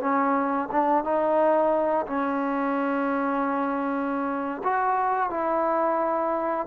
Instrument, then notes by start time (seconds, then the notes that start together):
trombone
0.00 C#4
0.71 D4
1.04 D#4
2.06 C#4
4.63 F#4
5.30 E4